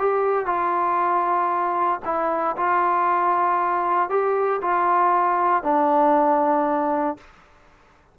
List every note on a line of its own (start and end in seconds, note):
0.00 0.47 G4
0.47 2.00 F4
2.05 2.56 E4
2.57 4.10 F4
4.10 4.61 G4
4.62 5.64 F4
5.64 7.18 D4